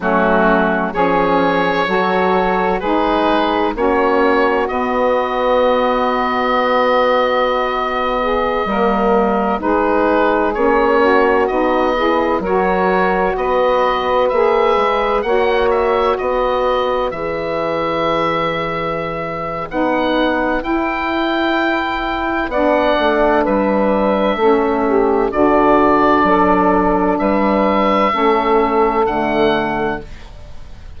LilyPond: <<
  \new Staff \with { instrumentName = "oboe" } { \time 4/4 \tempo 4 = 64 fis'4 cis''2 b'4 | cis''4 dis''2.~ | dis''2~ dis''16 b'4 cis''8.~ | cis''16 dis''4 cis''4 dis''4 e''8.~ |
e''16 fis''8 e''8 dis''4 e''4.~ e''16~ | e''4 fis''4 g''2 | fis''4 e''2 d''4~ | d''4 e''2 fis''4 | }
  \new Staff \with { instrumentName = "saxophone" } { \time 4/4 cis'4 gis'4 a'4 gis'4 | fis'1~ | fis'8. gis'8 ais'4 gis'4. fis'16~ | fis'8. gis'8 ais'4 b'4.~ b'16~ |
b'16 cis''4 b'2~ b'8.~ | b'1 | d''4 b'4 a'8 g'8 fis'4 | a'4 b'4 a'2 | }
  \new Staff \with { instrumentName = "saxophone" } { \time 4/4 a4 cis'4 fis'4 dis'4 | cis'4 b2.~ | b4~ b16 ais4 dis'4 cis'8.~ | cis'16 dis'8 e'8 fis'2 gis'8.~ |
gis'16 fis'2 gis'4.~ gis'16~ | gis'4 dis'4 e'2 | d'2 cis'4 d'4~ | d'2 cis'4 a4 | }
  \new Staff \with { instrumentName = "bassoon" } { \time 4/4 fis4 f4 fis4 gis4 | ais4 b2.~ | b4~ b16 g4 gis4 ais8.~ | ais16 b4 fis4 b4 ais8 gis16~ |
gis16 ais4 b4 e4.~ e16~ | e4 b4 e'2 | b8 a8 g4 a4 d4 | fis4 g4 a4 d4 | }
>>